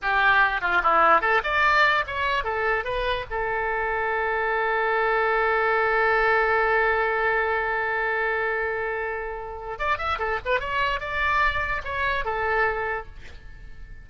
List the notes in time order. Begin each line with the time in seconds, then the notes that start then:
0.02 G4
0.61 F4
0.83 E4
1.21 A4
1.43 D5
2.06 C#5
2.44 A4
2.84 B4
3.30 A4
9.78 D5
9.98 E5
10.19 A4
10.45 B4
10.60 C#5
11.00 D5
11.84 C#5
12.24 A4